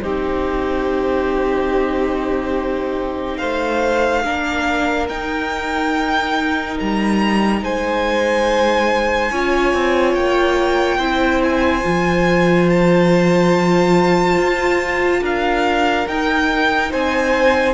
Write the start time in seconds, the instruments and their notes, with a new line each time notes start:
0.00 cello C4, viola D#4, violin G4 C5
3.37 cello A3, violin C5 F5
4.25 cello A#3, viola D4, violin A#4
5.09 cello D#4, viola D#4, violin G5
6.80 cello G3, violin A#5
7.62 cello G#3, violin C5 G#5
9.32 cello C#4, viola F4, violin C#5
9.74 cello C4
10.14 cello A#3, violin G5
10.98 cello C4, viola E4, violin C5
11.44 violin G#5
11.83 cello F3, viola F4
12.70 violin A5
14.38 cello F4
15.22 cello D4, violin A#4 F5
16.08 cello D#4, viola D#4, violin G5
16.91 cello C4, violin C5 G#5